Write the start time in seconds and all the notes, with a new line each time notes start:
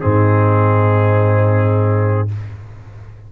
0.00 G#2 C4 D#4 G#4